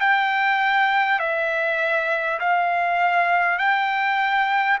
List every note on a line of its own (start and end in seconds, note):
0.00 1.19 G5
1.19 2.39 E5
2.39 3.58 F5
3.58 4.78 G5